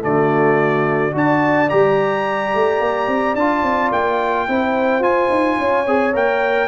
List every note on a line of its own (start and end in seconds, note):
0.00 1.14 D3
0.00 1.11 A3
0.00 1.15 F#4
0.00 1.15 D5
1.11 1.69 D4
1.11 1.67 F#4
1.11 4.48 D5
1.11 1.69 A5
1.69 2.55 G3
1.69 3.36 G4
1.69 3.35 A#5
2.55 2.80 A3
2.80 3.07 A#3
3.07 3.34 C4
3.34 3.62 D4
3.34 4.48 F4
3.34 3.91 A5
3.62 3.90 C4
3.92 4.47 A#3
3.92 5.03 G5
4.48 4.99 C4
4.48 5.02 E4
4.48 5.58 C5
4.99 5.27 F4
4.99 5.85 F4
4.99 6.14 G#5
5.30 5.57 D#4
5.58 5.87 C#4
5.58 6.68 C#5
5.87 6.14 C4
5.87 6.13 G#4
6.13 6.68 A#3
6.13 6.68 A#4
6.13 6.68 G5